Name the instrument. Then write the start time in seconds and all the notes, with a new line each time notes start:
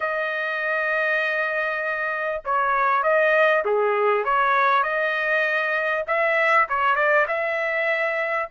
trumpet
0.00 D#5
2.44 C#5
3.03 D#5
3.64 G#4
4.24 C#5
4.83 D#5
6.07 E5
6.68 C#5
6.95 D5
7.27 E5